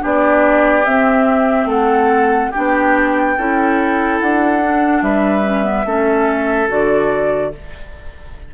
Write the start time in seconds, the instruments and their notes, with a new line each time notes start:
0.00 bassoon B3, clarinet D4, oboe G4, flute D5
0.85 bassoon C4, clarinet C4, flute E5
1.65 bassoon A3, oboe A4, flute F#5
2.51 clarinet D4, oboe G4, flute G5
2.57 bassoon B3
3.37 bassoon C#4, clarinet E4, oboe A4
4.20 bassoon D4, flute F#5
4.62 clarinet D4
5.02 bassoon G3, oboe B4, flute E5
5.43 clarinet C#4
5.63 clarinet B3
5.85 bassoon A3, clarinet C#4, oboe A4
6.68 bassoon D3, clarinet F#4, flute D5